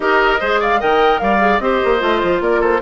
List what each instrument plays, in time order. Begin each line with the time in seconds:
0.00 bassoon D#4, clarinet G4, oboe A#4, flute D#5
0.40 bassoon G#3, clarinet G#4, oboe C5
0.60 oboe D5, flute F5
0.79 bassoon D#3, clarinet A#4, oboe D#5, flute G5
1.19 bassoon G3, oboe D5, flute F5
1.39 clarinet G#4
1.59 bassoon C4, clarinet G4, oboe C5, flute D#5
1.84 bassoon A#3
1.99 bassoon A3, clarinet F4
2.22 bassoon F3
2.40 bassoon A#3, oboe A#4, flute D5
2.60 oboe A4, flute C5